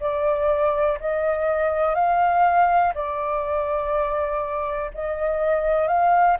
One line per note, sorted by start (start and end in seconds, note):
0.00 0.98 D5
1.00 1.94 D#5
1.94 2.93 F5
2.94 4.91 D5
4.94 5.87 D#5
5.87 6.37 F5